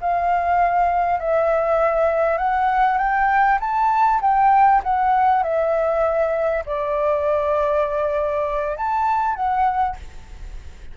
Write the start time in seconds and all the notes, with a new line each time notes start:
0.00 F5
1.19 E5
2.37 F#5
2.98 G5
3.60 A5
4.21 G5
4.83 F#5
5.43 E5
6.66 D5
8.77 A5
9.35 F#5